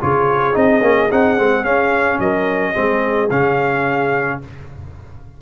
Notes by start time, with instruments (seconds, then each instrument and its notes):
0.00 tuba C#3, trombone F4, horn G#4, trumpet C#5
0.53 tuba C4, trombone D#4, trumpet D#5
0.82 tuba A#3, trombone C#4
1.11 tuba C4, trombone D#4, trumpet F#5
1.37 tuba G#3, trombone C4
1.63 trombone C#4, tuba C#4, trumpet F5
2.19 tuba F#3, horn A#4, trumpet D#5
2.73 tuba G#3, trombone C4, horn G#4
3.30 tuba C#3, trombone C#4, trumpet F5